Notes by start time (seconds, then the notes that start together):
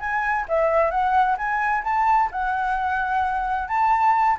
0.00 G#5
0.49 E5
0.91 F#5
1.38 G#5
1.84 A5
2.32 F#5
3.68 A5